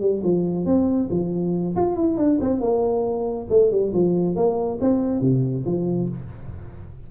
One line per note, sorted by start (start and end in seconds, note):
0.00 0.22 G3
0.23 0.65 F3
0.65 1.09 C4
1.10 1.75 F3
1.75 1.96 F4
1.96 2.17 E4
2.17 2.38 D4
2.40 2.60 C4
2.60 3.47 A#3
3.49 3.71 A3
3.71 3.92 G3
3.93 4.35 F3
4.35 4.79 A#3
4.80 5.21 C4
5.21 5.64 C3
5.65 6.08 F3